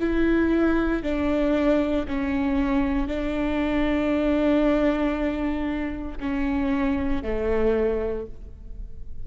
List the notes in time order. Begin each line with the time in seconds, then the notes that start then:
0.00 E4
1.03 D4
2.08 C#4
3.08 D4
6.20 C#4
7.23 A3